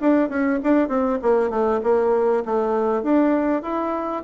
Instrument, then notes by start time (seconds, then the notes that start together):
bassoon
0.00 D4
0.29 C#4
0.63 D4
0.88 C4
1.22 A#3
1.50 A3
1.83 A#3
2.45 A3
3.02 D4
3.62 E4